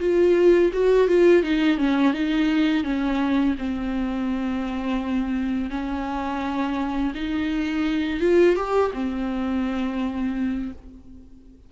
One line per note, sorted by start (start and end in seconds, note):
0.00 0.71 F4
0.73 1.08 F#4
1.08 1.43 F4
1.43 1.78 D#4
1.78 2.13 C#4
2.13 2.84 D#4
2.84 3.55 C#4
3.58 5.70 C4
5.70 7.13 C#4
7.15 8.20 D#4
8.20 8.56 F4
8.56 8.91 G4
8.94 10.72 C4